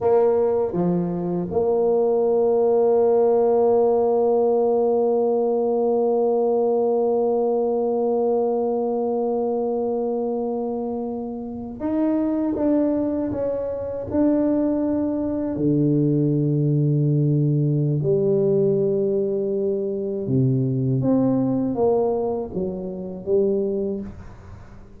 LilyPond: \new Staff \with { instrumentName = "tuba" } { \time 4/4 \tempo 4 = 80 ais4 f4 ais2~ | ais1~ | ais1~ | ais2.~ ais8. dis'16~ |
dis'8. d'4 cis'4 d'4~ d'16~ | d'8. d2.~ d16 | g2. c4 | c'4 ais4 fis4 g4 | }